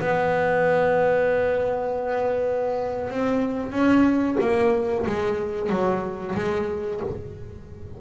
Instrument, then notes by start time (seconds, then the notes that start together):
double bass
0.00 B3
3.10 C4
3.72 C#4
4.40 A#3
5.07 G#3
5.69 F#3
6.35 G#3